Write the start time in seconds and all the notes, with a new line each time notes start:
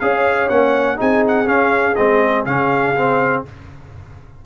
0.00 C#4 G#4 C#5 F5
0.49 A#3 C#4 F#5
0.97 C4 D#4 G#4 G#5
1.28 F#5
1.46 C#4 F5
1.96 G#3 C4 D#5
2.45 C#3 C#4 F5
2.96 C4